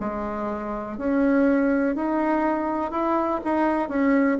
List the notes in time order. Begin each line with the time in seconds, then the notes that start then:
0.00 G#3
0.98 C#4
1.96 D#4
2.92 E4
3.44 D#4
3.89 C#4